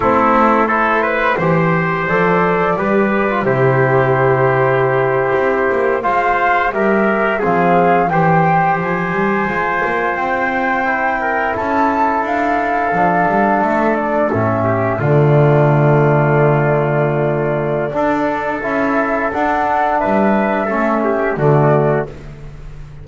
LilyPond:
<<
  \new Staff \with { instrumentName = "flute" } { \time 4/4 \tempo 4 = 87 a'4 c''2 d''4~ | d''4 c''2.~ | c''8. f''4 e''4 f''4 g''16~ | g''8. gis''2 g''4~ g''16~ |
g''8. a''4 f''2 e''16~ | e''16 d''8 e''4 d''2~ d''16~ | d''2. e''4 | fis''4 e''2 d''4 | }
  \new Staff \with { instrumentName = "trumpet" } { \time 4/4 e'4 a'8 b'8 c''2 | b'4 g'2.~ | g'8. c''4 ais'4 gis'4 c''16~ | c''1~ |
c''16 ais'8 a'2.~ a'16~ | a'4~ a'16 g'8 f'2~ f'16~ | f'2 a'2~ | a'4 b'4 a'8 g'8 fis'4 | }
  \new Staff \with { instrumentName = "trombone" } { \time 4/4 c'4 e'4 g'4 a'4 | g'8. f'16 e'2.~ | e'8. f'4 g'4 c'4 g'16~ | g'4.~ g'16 f'2 e'16~ |
e'2~ e'8. d'4~ d'16~ | d'8. cis'4 a2~ a16~ | a2 d'4 e'4 | d'2 cis'4 a4 | }
  \new Staff \with { instrumentName = "double bass" } { \time 4/4 a2 e4 f4 | g4 c2~ c8. c'16~ | c'16 ais8 gis4 g4 f4 e16~ | e8. f8 g8 gis8 ais8 c'4~ c'16~ |
c'8. cis'4 d'4 f8 g8 a16~ | a8. a,4 d2~ d16~ | d2 d'4 cis'4 | d'4 g4 a4 d4 | }
>>